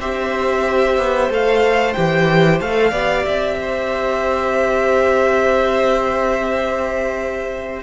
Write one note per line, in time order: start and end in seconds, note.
0.00 0.98 C4
0.00 1.31 G4
0.00 2.91 C5
0.00 1.32 E5
0.98 1.30 B3
1.30 1.95 A3
1.30 1.96 A4
1.30 1.94 F5
1.94 2.61 E3
1.94 2.62 G4
1.94 2.59 G5
2.61 2.92 A3
2.61 2.94 A4
2.61 3.26 F5
2.91 3.25 B3
2.91 7.83 G4
2.91 3.56 D5
3.26 7.83 C4
3.26 7.82 E5
3.61 7.83 C5